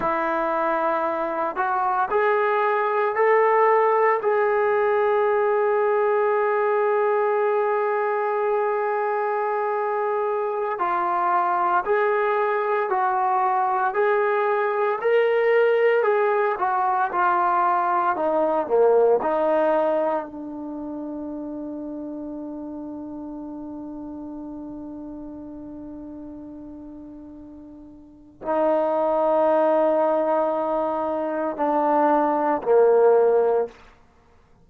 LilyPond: \new Staff \with { instrumentName = "trombone" } { \time 4/4 \tempo 4 = 57 e'4. fis'8 gis'4 a'4 | gis'1~ | gis'2~ gis'16 f'4 gis'8.~ | gis'16 fis'4 gis'4 ais'4 gis'8 fis'16~ |
fis'16 f'4 dis'8 ais8 dis'4 d'8.~ | d'1~ | d'2. dis'4~ | dis'2 d'4 ais4 | }